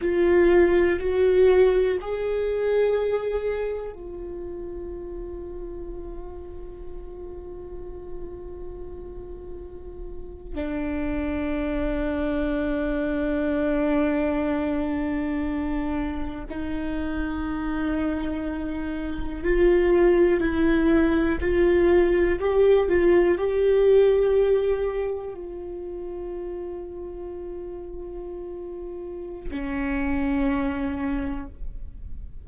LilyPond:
\new Staff \with { instrumentName = "viola" } { \time 4/4 \tempo 4 = 61 f'4 fis'4 gis'2 | f'1~ | f'2~ f'8. d'4~ d'16~ | d'1~ |
d'8. dis'2. f'16~ | f'8. e'4 f'4 g'8 f'8 g'16~ | g'4.~ g'16 f'2~ f'16~ | f'2 cis'2 | }